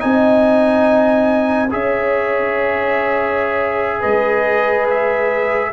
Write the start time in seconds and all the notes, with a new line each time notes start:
0.00 C4 D#4 D#5 G#5
1.71 C#4 G#4 C#5 E5
4.00 G#3 B4 D#5
4.91 E5